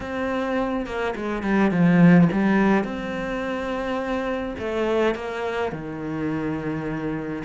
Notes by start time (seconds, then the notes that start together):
0.00 C4
0.86 A#3
1.15 G#3
1.42 G3
1.71 F3
2.32 G3
2.83 C4
4.58 A3
5.15 A#3
5.71 D#3